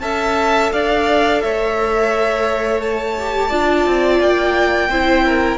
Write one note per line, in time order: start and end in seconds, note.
0.00 0.72 C#4
0.00 3.16 A4
0.00 0.72 E5
0.00 0.70 A5
0.73 1.43 D4
0.73 1.42 D5
0.73 1.41 F5
1.41 3.51 A3
1.41 3.48 C#5
1.41 2.81 E5
2.82 4.21 A5
3.18 3.51 G4
3.48 3.86 D4
3.48 4.90 F4
3.48 4.87 D5
3.86 4.20 C4
4.20 4.89 A#3
4.20 5.58 G5
4.89 5.58 C4
4.89 5.58 E4
4.89 5.25 C5
5.26 5.58 A#4